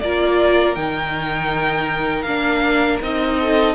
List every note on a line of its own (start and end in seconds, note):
0.00 0.76 A#3
0.00 0.76 F4
0.00 3.38 A#4
0.00 0.75 D5
0.75 2.24 D#3
0.75 2.26 D#4
0.75 2.22 G5
2.22 2.99 A#3
2.22 3.01 D4
2.22 2.97 F5
3.01 3.75 C4
3.01 3.75 D#4
3.01 3.75 D#5
3.38 3.75 A4